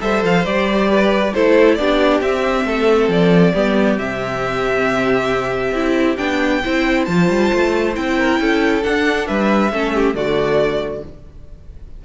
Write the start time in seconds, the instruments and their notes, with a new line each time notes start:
0.00 cello G3, viola A4, violin C5 E5
0.24 cello F3, violin F5
0.44 cello G3, viola G4, violin D5
0.89 violin B4
1.33 cello A3, viola E4, violin A4 C5
1.75 cello B3, viola D4, violin G4 D5
2.20 cello C4, viola C4, violin E5
2.64 cello A3, violin A4
3.08 cello F3, violin D5
3.53 cello G3, viola B3, violin G4
3.97 cello C3, viola C4, violin E5
5.72 cello C4, viola E4
6.17 cello B3, viola D4, violin G5
6.64 cello C4, viola E4, violin C5
7.04 cello F3, viola F4, violin A5
7.29 cello G3
7.53 cello A3
7.94 cello C4, viola E4, violin G5
8.18 violin A#4
8.39 cello C#4, violin A4
8.82 viola D4, cello D4, violin F#5
9.27 cello G3, violin B4 E5
9.72 cello A3, viola C#4, violin A4
9.94 violin G4
10.14 cello D3, viola A3, violin F#4 D5